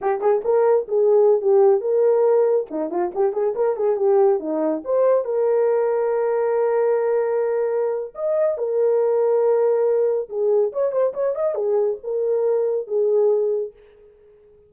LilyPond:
\new Staff \with { instrumentName = "horn" } { \time 4/4 \tempo 4 = 140 g'8 gis'8 ais'4 gis'4~ gis'16 g'8.~ | g'16 ais'2 dis'8 f'8 g'8 gis'16~ | gis'16 ais'8 gis'8 g'4 dis'4 c''8.~ | c''16 ais'2.~ ais'8.~ |
ais'2. dis''4 | ais'1 | gis'4 cis''8 c''8 cis''8 dis''8 gis'4 | ais'2 gis'2 | }